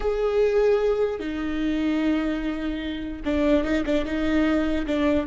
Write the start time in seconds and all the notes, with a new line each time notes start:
0.00 G#4
1.19 D#4
3.24 D4
3.64 D#4
3.85 D4
4.05 D#4
4.86 D4